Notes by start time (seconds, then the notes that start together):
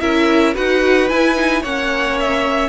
0.00 C#4 E4 A#4 E5
0.54 D#4 F#4 B4 F#5
1.09 E4 G#5
1.35 D#4
1.61 A#3 C#4 C#5 F#5
2.20 E5